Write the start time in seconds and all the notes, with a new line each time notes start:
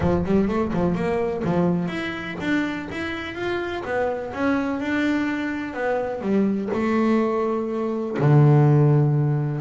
0.00 F3
0.24 G3
0.48 A3
0.73 F3
0.94 A#3
1.44 F3
1.87 E4
2.40 D4
2.91 E4
3.34 F4
3.84 B3
4.33 C#4
4.80 D4
5.73 B3
6.21 G3
6.73 A3
8.19 D3